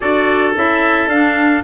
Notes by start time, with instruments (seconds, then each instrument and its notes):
0.00 tuba D4, clarinet F#4, oboe A4, trumpet D5
0.55 tuba C#4, clarinet E4, trumpet E5
1.07 tuba D4, clarinet D4, trumpet F5